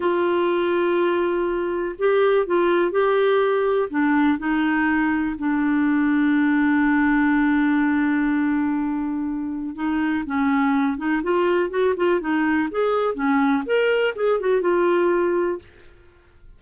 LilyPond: \new Staff \with { instrumentName = "clarinet" } { \time 4/4 \tempo 4 = 123 f'1 | g'4 f'4 g'2 | d'4 dis'2 d'4~ | d'1~ |
d'1 | dis'4 cis'4. dis'8 f'4 | fis'8 f'8 dis'4 gis'4 cis'4 | ais'4 gis'8 fis'8 f'2 | }